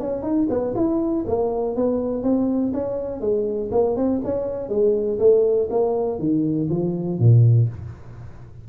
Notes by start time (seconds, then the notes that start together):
0.00 C#4
0.23 D#4
0.49 B3
0.76 E4
1.27 A#3
1.76 B3
2.23 C4
2.74 C#4
3.21 G#3
3.72 A#3
3.96 C4
4.25 C#4
4.69 G#3
5.19 A3
5.70 A#3
6.19 D#3
6.70 F3
7.19 A#2